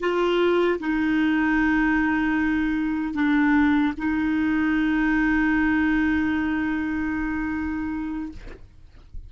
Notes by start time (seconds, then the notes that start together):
0.00 F4
0.79 D#4
3.14 D4
3.98 D#4